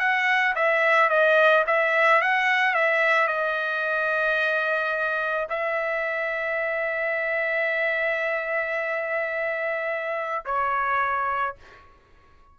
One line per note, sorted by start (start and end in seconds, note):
0.00 0.55 F#5
0.56 1.10 E5
1.10 1.65 D#5
1.67 2.22 E5
2.22 2.74 F#5
2.74 3.28 E5
3.28 5.48 D#5
5.50 10.45 E5
10.46 11.56 C#5